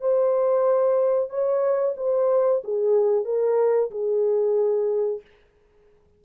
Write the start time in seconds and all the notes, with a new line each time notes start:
0.00 C5
1.29 C#5
1.97 C5
2.64 G#4
3.25 A#4
3.90 G#4